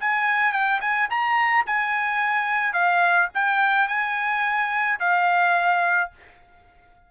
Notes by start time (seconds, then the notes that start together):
0.00 G#5
0.52 G5
0.81 G#5
1.10 A#5
1.66 G#5
2.73 F5
3.34 G5
3.88 G#5
4.99 F5